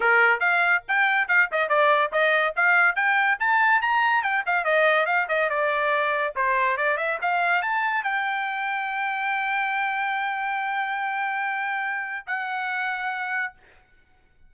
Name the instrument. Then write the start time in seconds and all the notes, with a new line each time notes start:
trumpet
0.00 A#4
0.40 F5
0.88 G5
1.28 F5
1.51 D#5
1.69 D5
2.12 D#5
2.56 F5
2.95 G5
3.39 A5
3.81 A#5
4.22 G5
4.46 F5
4.64 D#5
5.06 F5
5.28 D#5
5.49 D5
6.35 C5
6.77 D5
6.97 E5
7.21 F5
7.62 A5
8.03 G5
12.27 F#5